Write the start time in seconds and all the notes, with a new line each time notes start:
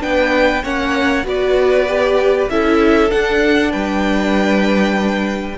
0.00 B3 D4 B4 G5
0.63 A#3 C#4 C#5 F#5
1.24 B3 F#4 B4 D5
1.87 G4
2.49 C#4 E4 A4 E5
3.10 D4 F#5
3.70 G3 B4 G5